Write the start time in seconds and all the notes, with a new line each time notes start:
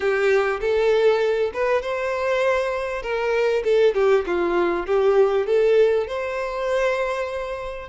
0.00 G4
0.60 A4
1.53 B4
1.82 C5
3.02 A#4
3.64 A4
3.94 G4
4.26 F4
4.86 G4
5.46 A4
6.07 C5